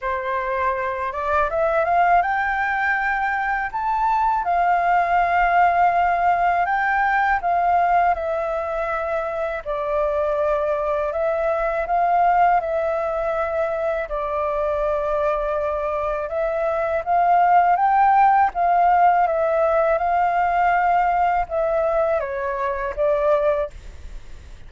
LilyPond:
\new Staff \with { instrumentName = "flute" } { \time 4/4 \tempo 4 = 81 c''4. d''8 e''8 f''8 g''4~ | g''4 a''4 f''2~ | f''4 g''4 f''4 e''4~ | e''4 d''2 e''4 |
f''4 e''2 d''4~ | d''2 e''4 f''4 | g''4 f''4 e''4 f''4~ | f''4 e''4 cis''4 d''4 | }